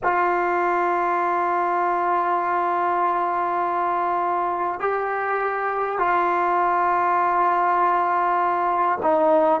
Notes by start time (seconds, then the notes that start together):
0.03 F4
4.79 G4
5.98 F4
9.02 D#4